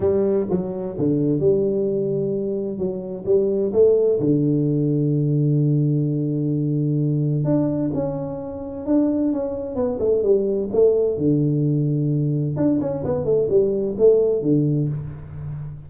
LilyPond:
\new Staff \with { instrumentName = "tuba" } { \time 4/4 \tempo 4 = 129 g4 fis4 d4 g4~ | g2 fis4 g4 | a4 d2.~ | d1 |
d'4 cis'2 d'4 | cis'4 b8 a8 g4 a4 | d2. d'8 cis'8 | b8 a8 g4 a4 d4 | }